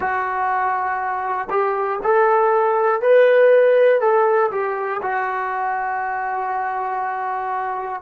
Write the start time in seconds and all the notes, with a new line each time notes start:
0.00 F#4
1.50 G4
2.03 A4
3.01 B4
4.00 A4
4.50 G4
5.02 F#4